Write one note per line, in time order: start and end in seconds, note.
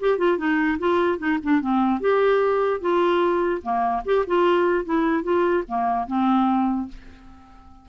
0.00 0.18 G4
0.18 0.37 F4
0.37 0.78 D#4
0.79 1.18 F4
1.18 1.38 D#4
1.43 1.61 D4
1.61 2.00 C4
2.00 2.80 G4
2.80 3.62 F4
3.62 4.03 A#3
4.05 4.25 G4
4.27 4.85 F4
4.85 5.23 E4
5.23 5.64 F4
5.68 6.07 A#3
6.07 6.88 C4